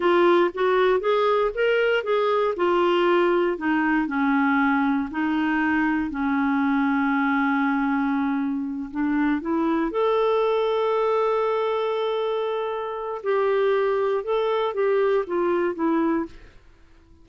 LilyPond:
\new Staff \with { instrumentName = "clarinet" } { \time 4/4 \tempo 4 = 118 f'4 fis'4 gis'4 ais'4 | gis'4 f'2 dis'4 | cis'2 dis'2 | cis'1~ |
cis'4. d'4 e'4 a'8~ | a'1~ | a'2 g'2 | a'4 g'4 f'4 e'4 | }